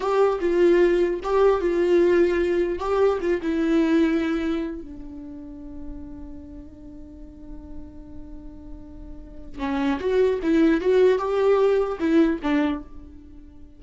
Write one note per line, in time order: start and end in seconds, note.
0.00 0.39 G4
0.40 1.20 F4
1.23 1.60 G4
1.60 2.78 F4
2.78 3.18 G4
3.21 3.41 F4
3.41 4.81 E4
4.81 9.58 D4
9.58 9.98 C#4
9.99 10.39 F#4
10.42 10.80 E4
10.80 11.18 F#4
11.18 11.98 G4
11.99 12.39 E4
12.42 12.82 D4